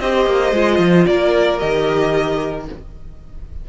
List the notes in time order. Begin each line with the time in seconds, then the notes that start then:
0.00 C4 G4 C5 D#5
0.26 A#3
0.52 G#3 F4
0.79 F3
1.07 A#3 A#4 D5
1.59 D#3 G4 D#5